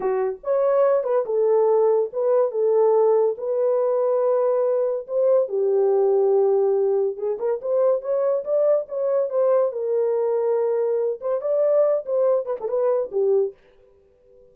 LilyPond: \new Staff \with { instrumentName = "horn" } { \time 4/4 \tempo 4 = 142 fis'4 cis''4. b'8 a'4~ | a'4 b'4 a'2 | b'1 | c''4 g'2.~ |
g'4 gis'8 ais'8 c''4 cis''4 | d''4 cis''4 c''4 ais'4~ | ais'2~ ais'8 c''8 d''4~ | d''8 c''4 b'16 a'16 b'4 g'4 | }